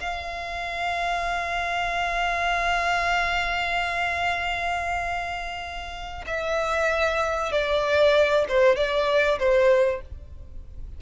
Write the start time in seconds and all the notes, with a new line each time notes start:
0.00 F5
6.27 E5
7.52 D5
8.49 C5
8.76 D5
9.39 C5